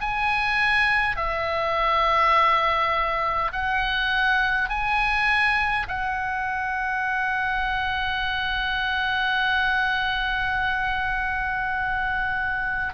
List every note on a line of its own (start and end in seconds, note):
0.00 1.17 G#5
1.17 3.52 E5
3.52 4.69 F#5
4.69 5.87 G#5
5.88 12.94 F#5